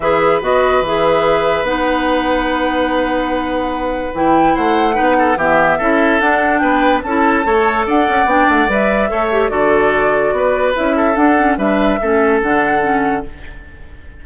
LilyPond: <<
  \new Staff \with { instrumentName = "flute" } { \time 4/4 \tempo 4 = 145 e''4 dis''4 e''2 | fis''1~ | fis''2 g''4 fis''4~ | fis''4 e''2 fis''4 |
g''4 a''2 fis''4 | g''8 fis''8 e''2 d''4~ | d''2 e''4 fis''4 | e''2 fis''2 | }
  \new Staff \with { instrumentName = "oboe" } { \time 4/4 b'1~ | b'1~ | b'2. c''4 | b'8 a'8 g'4 a'2 |
b'4 a'4 cis''4 d''4~ | d''2 cis''4 a'4~ | a'4 b'4. a'4. | b'4 a'2. | }
  \new Staff \with { instrumentName = "clarinet" } { \time 4/4 gis'4 fis'4 gis'2 | dis'1~ | dis'2 e'2 | dis'4 b4 e'4 d'4~ |
d'4 e'4 a'2 | d'4 b'4 a'8 g'8 fis'4~ | fis'2 e'4 d'8 cis'8 | d'4 cis'4 d'4 cis'4 | }
  \new Staff \with { instrumentName = "bassoon" } { \time 4/4 e4 b4 e2 | b1~ | b2 e4 a4 | b4 e4 cis'4 d'4 |
b4 cis'4 a4 d'8 cis'8 | b8 a8 g4 a4 d4~ | d4 b4 cis'4 d'4 | g4 a4 d2 | }
>>